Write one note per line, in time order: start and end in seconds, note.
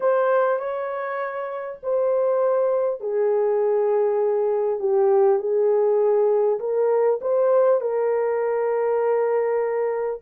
0.00 0.59 C5
0.59 1.79 C#5
1.82 3.00 C5
3.00 4.79 G#4
4.79 5.39 G4
5.39 6.59 G#4
6.59 7.19 A#4
7.21 7.80 C5
7.80 10.20 A#4